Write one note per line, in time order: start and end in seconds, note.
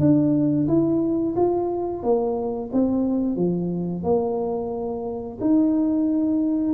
0.00 0.67 D4
0.68 1.35 E4
1.36 2.03 F4
2.03 2.71 A#3
2.73 3.36 C4
3.36 4.04 F3
4.04 5.39 A#3
5.41 6.74 D#4